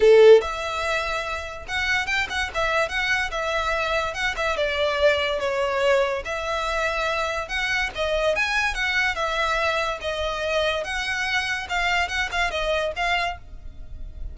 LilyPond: \new Staff \with { instrumentName = "violin" } { \time 4/4 \tempo 4 = 144 a'4 e''2. | fis''4 g''8 fis''8 e''4 fis''4 | e''2 fis''8 e''8 d''4~ | d''4 cis''2 e''4~ |
e''2 fis''4 dis''4 | gis''4 fis''4 e''2 | dis''2 fis''2 | f''4 fis''8 f''8 dis''4 f''4 | }